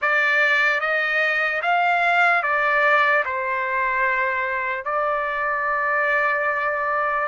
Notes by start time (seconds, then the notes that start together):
0.01 D5
0.80 D#5
1.62 F5
2.43 D5
3.25 C5
4.84 D5